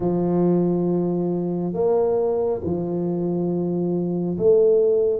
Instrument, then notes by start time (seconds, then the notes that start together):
tuba
0.00 F3
1.74 A#3
2.63 F3
4.38 A3